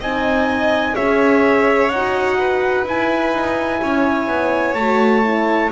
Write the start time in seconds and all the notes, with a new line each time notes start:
0.00 C4 D#4 D#5 G#5
0.94 C#4 G#4 C#5 E5
1.89 D#4 F#4 F#5
2.37 B4
2.85 E4 G#5
3.33 D#4
3.82 C#4 C#5
4.27 B3
4.74 A3 F#4 A5
5.23 E4